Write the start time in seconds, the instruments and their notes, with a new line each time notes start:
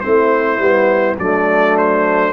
0.00 tuba A3, trombone C4, horn E4, trumpet C5
0.58 tuba G3, trombone B3
1.19 tuba F#3, trombone A3, horn D4, trumpet D5
1.77 trumpet C5